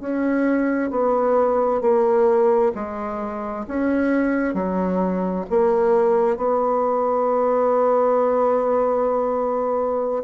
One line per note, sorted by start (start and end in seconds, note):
0.00 0.90 C#4
0.90 1.81 B3
1.81 2.72 A#3
2.75 3.66 G#3
3.67 4.54 C#4
4.54 5.45 F#3
5.50 6.37 A#3
6.37 10.23 B3